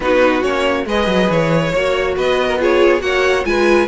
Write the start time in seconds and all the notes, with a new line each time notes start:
0.00 B3 D#4 F#4 B4
0.42 A#3 C#4 C#5
0.85 G#3 G#4 B4 D#5
1.06 F#3
1.29 E3 C#5
1.72 A#3 F#4 C#5
2.16 B3 B4 D#5
2.47 A#4
2.58 F4 G#4 C#5
2.99 A#3 F#4 C#5 F#5
3.44 G#3 F4 B4 G#5